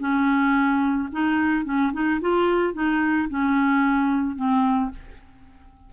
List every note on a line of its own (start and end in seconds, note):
0.00 1.09 C#4
1.13 1.65 D#4
1.65 1.93 C#4
1.94 2.21 D#4
2.21 2.74 F4
2.74 3.29 D#4
3.30 4.37 C#4
4.37 4.91 C4